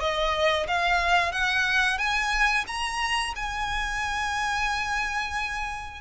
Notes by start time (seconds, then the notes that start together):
0.00 D#5
0.68 F5
1.32 F#5
1.98 G#5
2.68 A#5
3.36 G#5